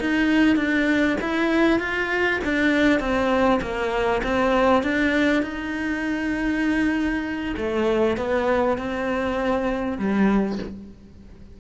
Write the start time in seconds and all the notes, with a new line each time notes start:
0.00 D#4
0.56 D4
1.21 E4
1.79 F4
2.44 D4
2.99 C4
3.61 A#3
4.23 C4
4.83 D4
5.43 D#4
7.57 A3
8.17 B3
8.78 C4
9.98 G3